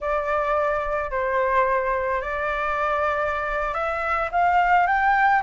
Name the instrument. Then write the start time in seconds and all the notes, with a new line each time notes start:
flute
0.00 D5
1.11 C5
2.21 D5
3.73 E5
4.31 F5
4.86 G5